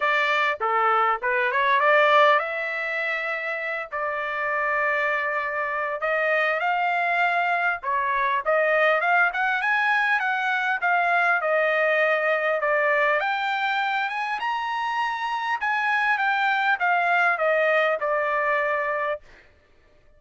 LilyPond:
\new Staff \with { instrumentName = "trumpet" } { \time 4/4 \tempo 4 = 100 d''4 a'4 b'8 cis''8 d''4 | e''2~ e''8 d''4.~ | d''2 dis''4 f''4~ | f''4 cis''4 dis''4 f''8 fis''8 |
gis''4 fis''4 f''4 dis''4~ | dis''4 d''4 g''4. gis''8 | ais''2 gis''4 g''4 | f''4 dis''4 d''2 | }